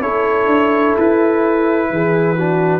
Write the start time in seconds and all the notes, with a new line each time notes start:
0.00 C#4 E4 A4 C#5
0.46 D4
0.97 E4 B4
1.90 E3 G#4
2.35 D4 F#4